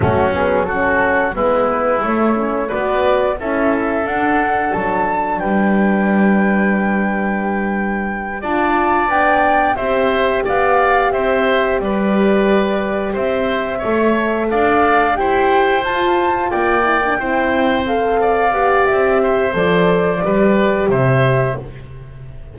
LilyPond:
<<
  \new Staff \with { instrumentName = "flute" } { \time 4/4 \tempo 4 = 89 fis'8 gis'8 a'4 b'4 cis''4 | d''4 e''4 fis''4 a''4 | g''1~ | g''8 a''4 g''4 e''4 f''8~ |
f''8 e''4 d''2 e''8~ | e''4. f''4 g''4 a''8~ | a''8 g''2 f''4. | e''4 d''2 e''4 | }
  \new Staff \with { instrumentName = "oboe" } { \time 4/4 cis'4 fis'4 e'2 | b'4 a'2. | b'1~ | b'8 d''2 c''4 d''8~ |
d''8 c''4 b'2 c''8~ | c''8 cis''4 d''4 c''4.~ | c''8 d''4 c''4. d''4~ | d''8 c''4. b'4 c''4 | }
  \new Staff \with { instrumentName = "horn" } { \time 4/4 a8 b8 cis'4 b4 a8 cis'8 | fis'4 e'4 d'2~ | d'1~ | d'8 f'4 d'4 g'4.~ |
g'1~ | g'8 a'2 g'4 f'8~ | f'4 e'16 d'16 e'4 a'4 g'8~ | g'4 a'4 g'2 | }
  \new Staff \with { instrumentName = "double bass" } { \time 4/4 fis2 gis4 a4 | b4 cis'4 d'4 fis4 | g1~ | g8 d'4 b4 c'4 b8~ |
b8 c'4 g2 c'8~ | c'8 a4 d'4 e'4 f'8~ | f'8 ais4 c'2 b8 | c'4 f4 g4 c4 | }
>>